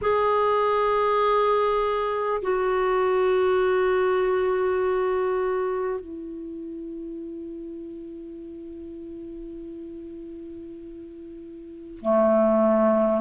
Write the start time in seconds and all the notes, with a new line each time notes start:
0.01 G#4
2.42 F#4
6.00 E4
12.01 A3